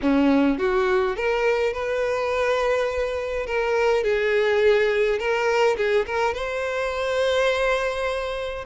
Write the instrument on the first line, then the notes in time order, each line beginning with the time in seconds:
violin
0.01 C#4
0.58 F#4
1.15 A#4
1.73 B4
3.46 A#4
4.03 G#4
5.18 A#4
5.76 G#4
6.06 A#4
6.34 C5